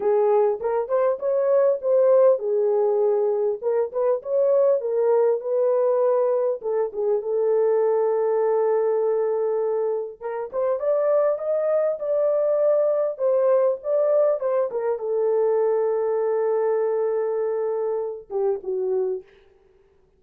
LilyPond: \new Staff \with { instrumentName = "horn" } { \time 4/4 \tempo 4 = 100 gis'4 ais'8 c''8 cis''4 c''4 | gis'2 ais'8 b'8 cis''4 | ais'4 b'2 a'8 gis'8 | a'1~ |
a'4 ais'8 c''8 d''4 dis''4 | d''2 c''4 d''4 | c''8 ais'8 a'2.~ | a'2~ a'8 g'8 fis'4 | }